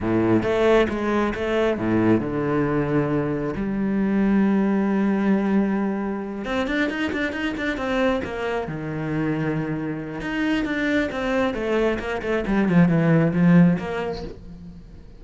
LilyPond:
\new Staff \with { instrumentName = "cello" } { \time 4/4 \tempo 4 = 135 a,4 a4 gis4 a4 | a,4 d2. | g1~ | g2~ g8 c'8 d'8 dis'8 |
d'8 dis'8 d'8 c'4 ais4 dis8~ | dis2. dis'4 | d'4 c'4 a4 ais8 a8 | g8 f8 e4 f4 ais4 | }